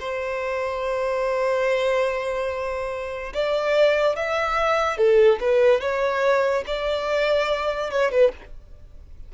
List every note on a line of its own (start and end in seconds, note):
0.00 3.33 C5
3.34 4.16 D5
4.16 4.97 E5
4.97 5.39 A4
5.40 5.81 B4
5.81 6.64 C#5
6.67 7.91 D5
7.91 8.11 C#5
8.11 8.32 B4